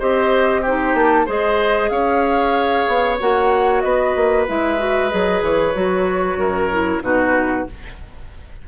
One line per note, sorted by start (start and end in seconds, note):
0.00 0.95 C4
0.00 0.64 G4
0.00 0.62 C5
0.00 0.65 D#5
0.62 1.27 D#4
0.62 1.26 G4
0.62 0.95 C5
0.95 1.27 A#3
0.95 1.27 A5
1.26 1.91 G#3
1.26 3.19 G#4
1.26 1.90 C5
1.26 1.90 D#5
1.90 2.86 C#4
1.90 3.83 C#5
1.90 3.18 F5
2.88 3.20 B3
3.20 3.84 A#3
3.20 4.48 F#4
3.20 3.81 F#5
3.81 4.16 B3
3.81 6.39 B4
3.81 4.45 D#5
4.16 4.47 A#3
4.48 5.13 G#3
4.48 4.78 E4
4.48 5.10 E5
4.78 5.10 F#4
5.10 5.42 F#3
5.10 5.74 G#4
5.10 5.42 D#5
5.42 5.74 E3
5.42 7.03 C#5
5.75 6.37 F#3
5.75 6.70 F#4
6.37 7.01 F#2
6.37 7.03 A#4
6.71 7.02 E4
7.02 7.66 B2
7.02 7.66 D#4
7.02 7.68 F#4
7.02 7.68 B4